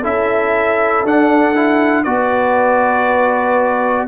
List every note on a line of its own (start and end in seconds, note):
0.00 1.04 C#4
0.00 1.05 E4
0.00 2.03 A4
0.00 1.06 E5
1.04 2.05 D4
1.04 1.54 D4
1.04 2.03 F#5
1.54 2.05 E4
2.03 4.08 B3
2.03 4.08 F#4
2.03 4.07 B4
2.03 4.07 D5